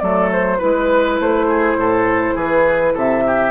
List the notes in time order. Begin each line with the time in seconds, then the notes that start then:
0.00 F#3 A3 A4 D5
0.33 C5
0.58 G#3 E4 B4
1.20 A3 C5
1.48 G#4
1.76 A2 A4
2.35 E3 G#4 B4
2.94 C3 A4 E5
3.27 G4